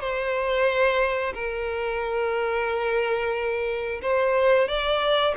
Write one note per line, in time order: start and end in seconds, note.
0.00 1.33 C5
1.34 4.01 A#4
4.02 4.68 C5
4.68 5.35 D5